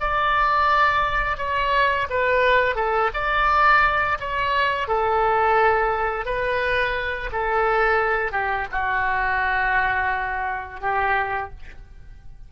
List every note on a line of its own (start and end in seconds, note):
0.00 1.37 D5
1.37 2.07 C#5
2.10 2.75 B4
2.75 3.10 A4
3.13 4.18 D5
4.19 4.87 C#5
4.87 6.25 A4
6.25 7.30 B4
7.32 8.31 A4
8.31 8.66 G4
8.71 10.80 F#4
10.80 11.50 G4